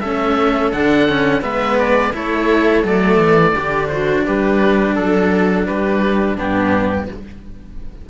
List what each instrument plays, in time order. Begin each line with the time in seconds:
0.00 cello A3 C#4, viola A4, oboe E5
0.72 cello D3 D4, oboe F#5
1.08 cello C#4
1.41 cello G#3 B3, viola B4, oboe E5
1.78 oboe D5
2.13 cello A3 E4, viola A4, oboe C#5
2.84 cello F#3 A3, oboe D5
3.17 cello E3
3.52 cello D3, viola G4
3.58 cello D4
3.87 viola F#4, oboe C5
4.26 cello G3, viola G4, oboe B4
4.95 cello F#3, viola A4, oboe A4
5.66 cello G3, viola G4, oboe B4
6.36 cello G2 B3, viola D4, oboe G4